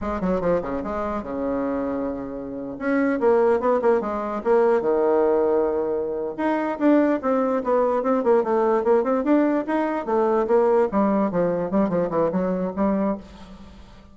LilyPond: \new Staff \with { instrumentName = "bassoon" } { \time 4/4 \tempo 4 = 146 gis8 fis8 f8 cis8 gis4 cis4~ | cis2~ cis8. cis'4 ais16~ | ais8. b8 ais8 gis4 ais4 dis16~ | dis2.~ dis8 dis'8~ |
dis'8 d'4 c'4 b4 c'8 | ais8 a4 ais8 c'8 d'4 dis'8~ | dis'8 a4 ais4 g4 f8~ | f8 g8 f8 e8 fis4 g4 | }